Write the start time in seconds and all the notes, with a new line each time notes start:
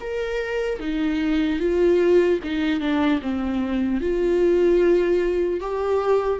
0.00 A#4
0.79 D#4
1.59 F4
2.43 D#4
2.80 D4
3.21 C4
4.00 F4
5.60 G4